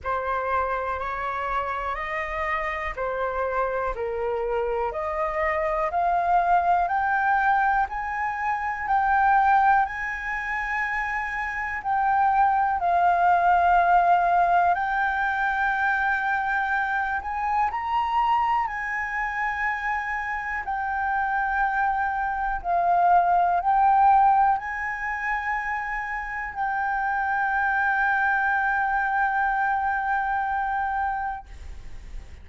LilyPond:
\new Staff \with { instrumentName = "flute" } { \time 4/4 \tempo 4 = 61 c''4 cis''4 dis''4 c''4 | ais'4 dis''4 f''4 g''4 | gis''4 g''4 gis''2 | g''4 f''2 g''4~ |
g''4. gis''8 ais''4 gis''4~ | gis''4 g''2 f''4 | g''4 gis''2 g''4~ | g''1 | }